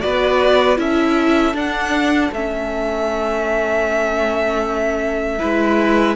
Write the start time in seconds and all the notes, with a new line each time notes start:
0.00 B3 F#4 B4 D5
0.76 C#4 E4 A4 E5
1.53 D4 F#5
2.32 A3 C#4 E5
5.39 G#3 E4 B4